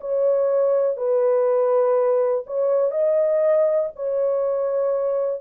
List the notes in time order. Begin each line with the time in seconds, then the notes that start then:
0.00 C#5
0.97 B4
2.46 C#5
2.91 D#5
3.96 C#5